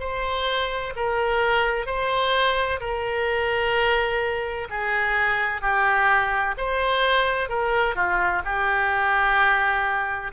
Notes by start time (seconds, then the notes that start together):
0.00 C5
0.96 A#4
1.86 C5
2.80 A#4
4.70 G#4
5.61 G4
6.58 C5
7.49 A#4
7.96 F4
8.45 G4